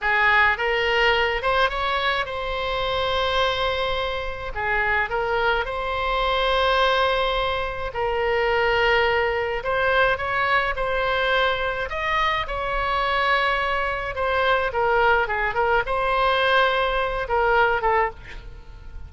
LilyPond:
\new Staff \with { instrumentName = "oboe" } { \time 4/4 \tempo 4 = 106 gis'4 ais'4. c''8 cis''4 | c''1 | gis'4 ais'4 c''2~ | c''2 ais'2~ |
ais'4 c''4 cis''4 c''4~ | c''4 dis''4 cis''2~ | cis''4 c''4 ais'4 gis'8 ais'8 | c''2~ c''8 ais'4 a'8 | }